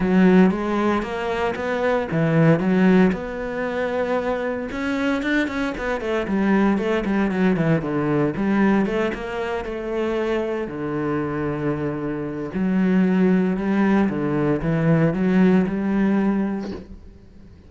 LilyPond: \new Staff \with { instrumentName = "cello" } { \time 4/4 \tempo 4 = 115 fis4 gis4 ais4 b4 | e4 fis4 b2~ | b4 cis'4 d'8 cis'8 b8 a8 | g4 a8 g8 fis8 e8 d4 |
g4 a8 ais4 a4.~ | a8 d2.~ d8 | fis2 g4 d4 | e4 fis4 g2 | }